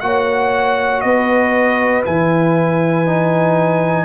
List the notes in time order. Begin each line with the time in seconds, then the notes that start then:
0.00 A#3 F#4 C#5 F#5
1.01 B3 B4 D#5
2.04 E3 E4 G#5
3.06 D#4